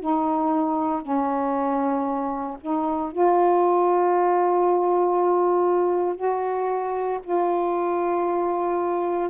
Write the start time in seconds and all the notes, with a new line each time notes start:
0.00 D#4
1.02 C#4
2.61 D#4
3.12 F4
6.16 F#4
7.24 F4